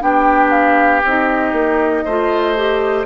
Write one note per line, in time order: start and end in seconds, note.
0.00 1.03 B3
0.00 1.02 D4
0.00 2.05 G4
0.00 0.50 G5
0.50 1.01 F5
1.04 1.52 C4
1.04 2.08 D#4
1.04 3.06 D#5
1.52 2.03 A#3
2.05 3.06 A3
2.05 2.56 F4
2.05 3.06 C5
2.56 3.06 G4